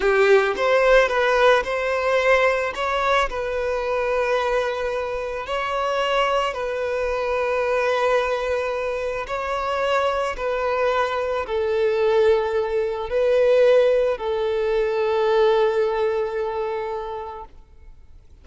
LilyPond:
\new Staff \with { instrumentName = "violin" } { \time 4/4 \tempo 4 = 110 g'4 c''4 b'4 c''4~ | c''4 cis''4 b'2~ | b'2 cis''2 | b'1~ |
b'4 cis''2 b'4~ | b'4 a'2. | b'2 a'2~ | a'1 | }